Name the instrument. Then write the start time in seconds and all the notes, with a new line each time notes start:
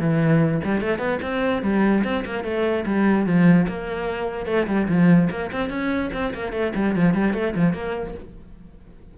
cello
0.00 E3
0.64 G3
0.81 A3
0.99 B3
1.22 C4
1.63 G3
2.04 C4
2.25 A#3
2.44 A3
2.86 G3
3.26 F3
3.68 A#3
4.46 A3
4.67 G3
4.88 F3
5.31 A#3
5.52 C4
5.70 C#4
6.13 C4
6.34 A#3
6.53 A3
6.76 G3
6.96 F3
7.14 G3
7.34 A3
7.56 F3
7.73 A#3